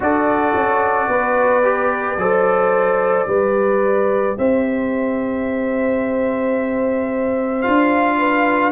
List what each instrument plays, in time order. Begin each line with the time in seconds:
0.00 tuba D4, trombone F#4, horn A4, trumpet D5
0.54 tuba C#4
1.07 tuba B3, horn B4
1.63 trombone G4
2.17 tuba F#3, trombone A4, horn C5
3.27 tuba G3, trombone G4, horn B4
4.37 tuba C4, horn C5, trumpet E5
7.62 tuba D4, trombone F4, trumpet F5
8.18 horn B4